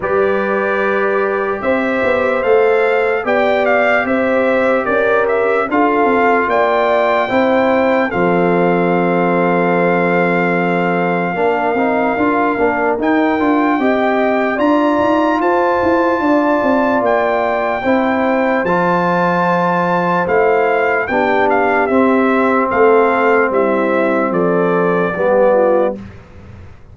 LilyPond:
<<
  \new Staff \with { instrumentName = "trumpet" } { \time 4/4 \tempo 4 = 74 d''2 e''4 f''4 | g''8 f''8 e''4 d''8 e''8 f''4 | g''2 f''2~ | f''1 |
g''2 ais''4 a''4~ | a''4 g''2 a''4~ | a''4 f''4 g''8 f''8 e''4 | f''4 e''4 d''2 | }
  \new Staff \with { instrumentName = "horn" } { \time 4/4 b'2 c''2 | d''4 c''4 ais'4 a'4 | d''4 c''4 a'2~ | a'2 ais'2~ |
ais'4 dis''4 d''4 c''4 | d''2 c''2~ | c''2 g'2 | a'4 e'4 a'4 g'8 f'8 | }
  \new Staff \with { instrumentName = "trombone" } { \time 4/4 g'2. a'4 | g'2. f'4~ | f'4 e'4 c'2~ | c'2 d'8 dis'8 f'8 d'8 |
dis'8 f'8 g'4 f'2~ | f'2 e'4 f'4~ | f'4 e'4 d'4 c'4~ | c'2. b4 | }
  \new Staff \with { instrumentName = "tuba" } { \time 4/4 g2 c'8 b8 a4 | b4 c'4 cis'4 d'8 c'8 | ais4 c'4 f2~ | f2 ais8 c'8 d'8 ais8 |
dis'8 d'8 c'4 d'8 dis'8 f'8 e'8 | d'8 c'8 ais4 c'4 f4~ | f4 a4 b4 c'4 | a4 g4 f4 g4 | }
>>